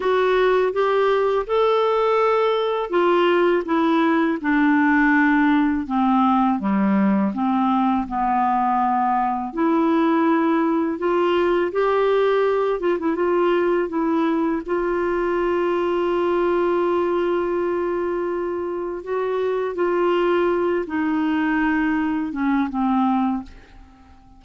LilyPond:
\new Staff \with { instrumentName = "clarinet" } { \time 4/4 \tempo 4 = 82 fis'4 g'4 a'2 | f'4 e'4 d'2 | c'4 g4 c'4 b4~ | b4 e'2 f'4 |
g'4. f'16 e'16 f'4 e'4 | f'1~ | f'2 fis'4 f'4~ | f'8 dis'2 cis'8 c'4 | }